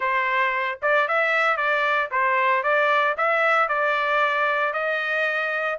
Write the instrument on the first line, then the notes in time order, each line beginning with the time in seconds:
trumpet
0.00 C5
0.82 D5
1.08 E5
1.56 D5
2.11 C5
2.63 D5
3.17 E5
3.68 D5
4.73 D#5